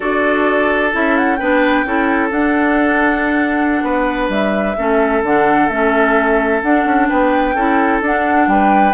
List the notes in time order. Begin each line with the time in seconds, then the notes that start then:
0.00 D4 F#4 A4 D5
0.92 C#4 E4 E5
1.17 F#5
1.35 B3 D4 B4 G5
1.85 C#4 E4 A4
2.30 D4 F#5
3.82 B3 B4
4.28 G3 E5
4.77 A3 C#4 A4
5.23 D3 D4 F#5
5.68 A3 C#4 E5
6.61 D4 F#5
6.84 C#4
7.08 B3 B4 G5
7.54 C#4 E4 A4
8.01 D4 F#5
8.47 G3 B4 G5